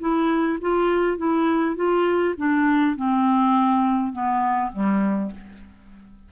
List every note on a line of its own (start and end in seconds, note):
0.00 0.59 E4
0.61 1.17 F4
1.17 1.76 E4
1.76 2.34 F4
2.37 2.96 D4
2.96 4.12 C4
4.12 4.71 B3
4.72 5.31 G3